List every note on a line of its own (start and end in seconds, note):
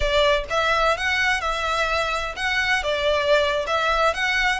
0.00 0.44 D5
0.50 0.97 E5
0.97 1.40 F#5
1.40 2.35 E5
2.36 2.83 F#5
2.83 3.65 D5
3.66 4.13 E5
4.14 4.60 F#5